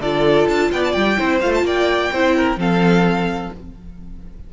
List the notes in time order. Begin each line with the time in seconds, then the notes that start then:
0.00 D3 F4 A4 D5
0.48 D4 A5
0.72 B3 D5 G5
0.84 A5
0.92 G3 G5
1.17 C4 E4 C5
1.41 A3 F4 F5
1.55 A5
1.63 A#3 D5 G5
2.12 C4 E4 C5
2.36 A#4
2.57 F3 C4 A4 F5